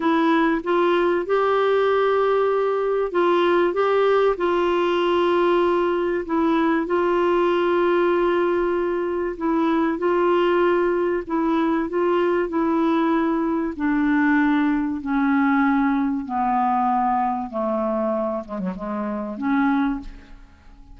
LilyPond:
\new Staff \with { instrumentName = "clarinet" } { \time 4/4 \tempo 4 = 96 e'4 f'4 g'2~ | g'4 f'4 g'4 f'4~ | f'2 e'4 f'4~ | f'2. e'4 |
f'2 e'4 f'4 | e'2 d'2 | cis'2 b2 | a4. gis16 fis16 gis4 cis'4 | }